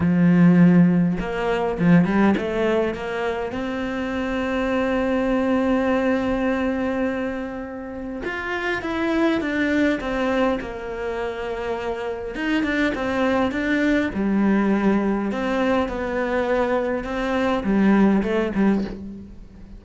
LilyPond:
\new Staff \with { instrumentName = "cello" } { \time 4/4 \tempo 4 = 102 f2 ais4 f8 g8 | a4 ais4 c'2~ | c'1~ | c'2 f'4 e'4 |
d'4 c'4 ais2~ | ais4 dis'8 d'8 c'4 d'4 | g2 c'4 b4~ | b4 c'4 g4 a8 g8 | }